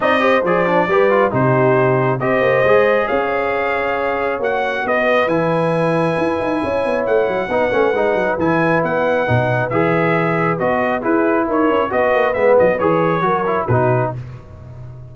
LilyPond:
<<
  \new Staff \with { instrumentName = "trumpet" } { \time 4/4 \tempo 4 = 136 dis''4 d''2 c''4~ | c''4 dis''2 f''4~ | f''2 fis''4 dis''4 | gis''1 |
fis''2. gis''4 | fis''2 e''2 | dis''4 b'4 cis''4 dis''4 | e''8 dis''8 cis''2 b'4 | }
  \new Staff \with { instrumentName = "horn" } { \time 4/4 d''8 c''4. b'4 g'4~ | g'4 c''2 cis''4~ | cis''2. b'4~ | b'2. cis''4~ |
cis''4 b'2.~ | b'1~ | b'4 gis'4 ais'4 b'4~ | b'2 ais'4 fis'4 | }
  \new Staff \with { instrumentName = "trombone" } { \time 4/4 dis'8 g'8 gis'8 d'8 g'8 f'8 dis'4~ | dis'4 g'4 gis'2~ | gis'2 fis'2 | e'1~ |
e'4 dis'8 cis'8 dis'4 e'4~ | e'4 dis'4 gis'2 | fis'4 e'2 fis'4 | b4 gis'4 fis'8 e'8 dis'4 | }
  \new Staff \with { instrumentName = "tuba" } { \time 4/4 c'4 f4 g4 c4~ | c4 c'8 ais8 gis4 cis'4~ | cis'2 ais4 b4 | e2 e'8 dis'8 cis'8 b8 |
a8 fis8 b8 a8 gis8 fis8 e4 | b4 b,4 e2 | b4 e'4 dis'8 cis'8 b8 ais8 | gis8 fis8 e4 fis4 b,4 | }
>>